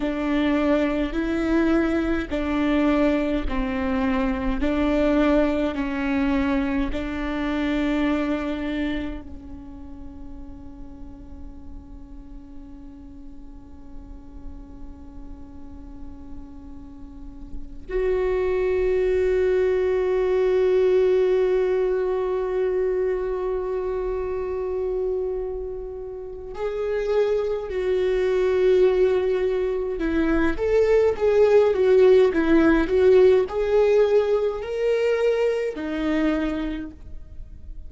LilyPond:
\new Staff \with { instrumentName = "viola" } { \time 4/4 \tempo 4 = 52 d'4 e'4 d'4 c'4 | d'4 cis'4 d'2 | cis'1~ | cis'2.~ cis'8 fis'8~ |
fis'1~ | fis'2. gis'4 | fis'2 e'8 a'8 gis'8 fis'8 | e'8 fis'8 gis'4 ais'4 dis'4 | }